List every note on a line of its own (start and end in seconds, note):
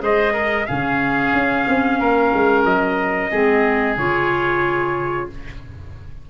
0.00 0.67 G#3
0.00 0.66 G#4
0.00 0.33 C5
0.00 0.67 D#5
0.33 0.66 A#4
0.67 1.33 C#3
0.67 3.32 C#4
0.67 1.99 G#4
0.67 2.64 F5
1.33 1.66 C#4
1.67 1.99 C4
1.99 2.32 A#3
1.99 3.31 A#4
2.34 2.65 G#3
2.65 3.31 F#3
2.65 3.97 D#5
3.31 3.97 G#3
3.31 3.98 C4
3.31 5.29 G#4
3.97 5.29 C#3
3.97 5.30 F4
3.97 5.30 C#5